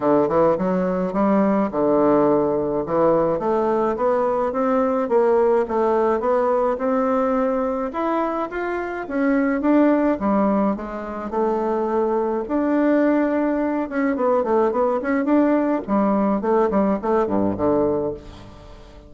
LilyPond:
\new Staff \with { instrumentName = "bassoon" } { \time 4/4 \tempo 4 = 106 d8 e8 fis4 g4 d4~ | d4 e4 a4 b4 | c'4 ais4 a4 b4 | c'2 e'4 f'4 |
cis'4 d'4 g4 gis4 | a2 d'2~ | d'8 cis'8 b8 a8 b8 cis'8 d'4 | g4 a8 g8 a8 g,8 d4 | }